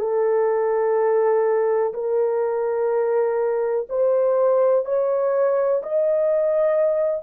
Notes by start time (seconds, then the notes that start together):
0.00 A4
1.94 A#4
3.90 C5
4.86 C#5
5.83 D#5